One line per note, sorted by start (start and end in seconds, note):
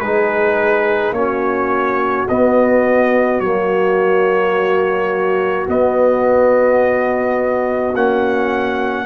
0.00 1.12 G#3
0.00 1.15 D#4
0.00 1.14 G#4
0.00 1.13 B4
1.12 2.25 A#3
1.12 2.28 C#4
1.12 9.06 F#4
1.12 2.27 C#5
2.29 3.42 B3
2.29 3.41 B3
2.29 3.40 D#5
3.40 5.67 F#3
3.40 5.67 A#3
3.40 5.67 C#5
5.67 7.94 B3
5.67 7.96 D#5
7.94 9.06 A#3
7.94 9.06 C#4
7.94 9.06 F#5